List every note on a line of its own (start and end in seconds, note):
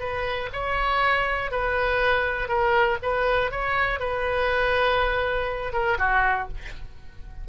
0.00 0.50 B4
0.53 1.51 C#5
1.51 2.48 B4
2.48 2.98 A#4
3.03 3.51 B4
3.51 4.00 C#5
4.00 5.73 B4
5.73 5.98 A#4
5.99 6.48 F#4